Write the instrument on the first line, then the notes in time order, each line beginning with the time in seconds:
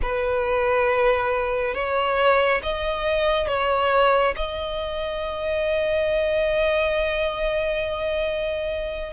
violin
0.02 B4
1.74 C#5
2.62 D#5
3.47 C#5
4.36 D#5